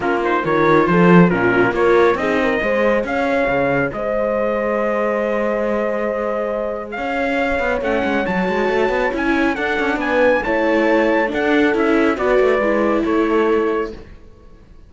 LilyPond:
<<
  \new Staff \with { instrumentName = "trumpet" } { \time 4/4 \tempo 4 = 138 ais'8 c''8 cis''4 c''4 ais'4 | cis''4 dis''2 f''4~ | f''4 dis''2.~ | dis''1 |
f''2 fis''4 a''4~ | a''4 gis''4 fis''4 gis''4 | a''2 fis''4 e''4 | d''2 cis''2 | }
  \new Staff \with { instrumentName = "horn" } { \time 4/4 f'4 ais'4 a'4 f'4 | ais'4 gis'8 ais'8 c''4 cis''4~ | cis''4 c''2.~ | c''1 |
cis''1~ | cis''2 a'4 b'4 | cis''2 a'2 | b'2 a'2 | }
  \new Staff \with { instrumentName = "viola" } { \time 4/4 cis'8 dis'8 f'2 cis'4 | f'4 dis'4 gis'2~ | gis'1~ | gis'1~ |
gis'2 cis'4 fis'4~ | fis'4 e'4 d'2 | e'2 d'4 e'4 | fis'4 e'2. | }
  \new Staff \with { instrumentName = "cello" } { \time 4/4 ais4 dis4 f4 ais,4 | ais4 c'4 gis4 cis'4 | cis4 gis2.~ | gis1 |
cis'4. b8 a8 gis8 fis8 gis8 | a8 b8 cis'4 d'8 cis'8 b4 | a2 d'4 cis'4 | b8 a8 gis4 a2 | }
>>